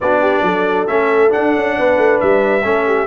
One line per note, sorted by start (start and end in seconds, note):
0.00 0.42 B3
0.00 0.87 D4
0.00 0.21 F#4
0.00 0.87 D5
0.21 0.43 G4
0.42 0.86 F#3
0.42 1.77 A4
0.87 1.32 A3
0.87 1.29 C#4
0.87 1.31 E5
1.29 2.61 D4
1.29 2.20 F#5
1.35 1.56 D4
1.56 1.78 C#4
1.77 1.97 B3
1.77 2.65 B4
1.97 2.19 A3
2.20 2.64 G3
2.20 3.06 E5
2.64 3.06 A3
2.64 3.06 C#4
2.64 2.86 A4
2.86 3.06 G4